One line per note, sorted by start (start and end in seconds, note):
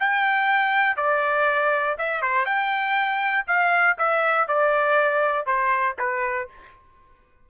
0.00 0.97 G5
0.97 1.97 D5
1.98 2.22 E5
2.22 2.45 C5
2.45 3.45 G5
3.47 3.97 F5
3.98 4.48 E5
4.48 5.46 D5
5.46 5.96 C5
5.99 6.49 B4